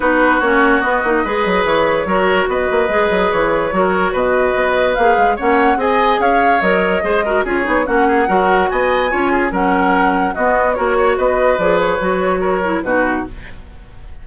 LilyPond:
<<
  \new Staff \with { instrumentName = "flute" } { \time 4/4 \tempo 4 = 145 b'4 cis''4 dis''2 | cis''2 dis''2 | cis''2 dis''2 | f''4 fis''4 gis''4 f''4 |
dis''2 cis''4 fis''4~ | fis''4 gis''2 fis''4~ | fis''4 dis''4 cis''4 dis''4 | d''8 cis''2~ cis''8 b'4 | }
  \new Staff \with { instrumentName = "oboe" } { \time 4/4 fis'2. b'4~ | b'4 ais'4 b'2~ | b'4 ais'4 b'2~ | b'4 cis''4 dis''4 cis''4~ |
cis''4 c''8 ais'8 gis'4 fis'8 gis'8 | ais'4 dis''4 cis''8 gis'8 ais'4~ | ais'4 fis'4 ais'8 cis''8 b'4~ | b'2 ais'4 fis'4 | }
  \new Staff \with { instrumentName = "clarinet" } { \time 4/4 dis'4 cis'4 b8 dis'8 gis'4~ | gis'4 fis'2 gis'4~ | gis'4 fis'2. | gis'4 cis'4 gis'2 |
ais'4 gis'8 fis'8 f'8 dis'8 cis'4 | fis'2 f'4 cis'4~ | cis'4 b4 fis'2 | gis'4 fis'4. e'8 dis'4 | }
  \new Staff \with { instrumentName = "bassoon" } { \time 4/4 b4 ais4 b8 ais8 gis8 fis8 | e4 fis4 b8 ais8 gis8 fis8 | e4 fis4 b,4 b4 | ais8 gis8 ais4 c'4 cis'4 |
fis4 gis4 cis'8 b8 ais4 | fis4 b4 cis'4 fis4~ | fis4 b4 ais4 b4 | f4 fis2 b,4 | }
>>